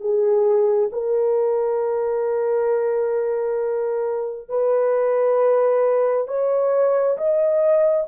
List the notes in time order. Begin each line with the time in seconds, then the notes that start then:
0.00 G#4
0.92 A#4
4.49 B4
6.27 C#5
7.17 D#5